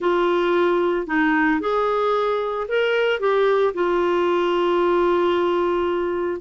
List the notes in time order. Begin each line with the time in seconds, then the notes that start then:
0.00 F4
1.06 D#4
1.60 G#4
2.68 A#4
3.20 G4
3.74 F4